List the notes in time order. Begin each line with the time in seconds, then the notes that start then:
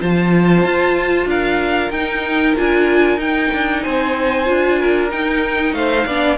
0.00 F3 F4 C5 A5
0.64 F4
1.26 D4 A#4 F5
1.90 D#4 G5
2.57 D4 F4 G#5
3.17 D#4 G5
3.54 D4
3.83 C4 C5 G#5
4.45 D4 F4
4.80 A#4
5.11 D#4 G5
5.73 A3 C5 F5
6.06 B3 D4 D5